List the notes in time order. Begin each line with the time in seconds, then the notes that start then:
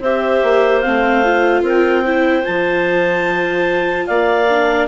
0.00 C4 G4 C5 E5
0.43 A#3
0.80 C4 F5
0.86 A3
1.23 F4
1.61 C4 A#4
1.68 G5
2.04 E4 C5
2.43 F3 F4 A5
4.07 A#3 D5 F5
4.49 D4